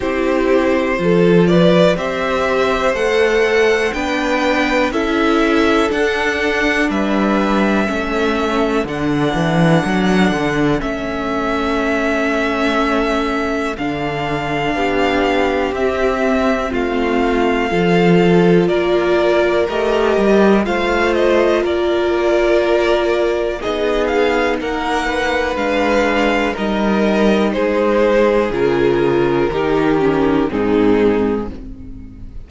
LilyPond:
<<
  \new Staff \with { instrumentName = "violin" } { \time 4/4 \tempo 4 = 61 c''4. d''8 e''4 fis''4 | g''4 e''4 fis''4 e''4~ | e''4 fis''2 e''4~ | e''2 f''2 |
e''4 f''2 d''4 | dis''4 f''8 dis''8 d''2 | dis''8 f''8 fis''4 f''4 dis''4 | c''4 ais'2 gis'4 | }
  \new Staff \with { instrumentName = "violin" } { \time 4/4 g'4 a'8 b'8 c''2 | b'4 a'2 b'4 | a'1~ | a'2. g'4~ |
g'4 f'4 a'4 ais'4~ | ais'4 c''4 ais'2 | gis'4 ais'8 b'4. ais'4 | gis'2 g'4 dis'4 | }
  \new Staff \with { instrumentName = "viola" } { \time 4/4 e'4 f'4 g'4 a'4 | d'4 e'4 d'2 | cis'4 d'2 cis'4~ | cis'2 d'2 |
c'2 f'2 | g'4 f'2. | dis'2 d'4 dis'4~ | dis'4 f'4 dis'8 cis'8 c'4 | }
  \new Staff \with { instrumentName = "cello" } { \time 4/4 c'4 f4 c'4 a4 | b4 cis'4 d'4 g4 | a4 d8 e8 fis8 d8 a4~ | a2 d4 b4 |
c'4 a4 f4 ais4 | a8 g8 a4 ais2 | b4 ais4 gis4 g4 | gis4 cis4 dis4 gis,4 | }
>>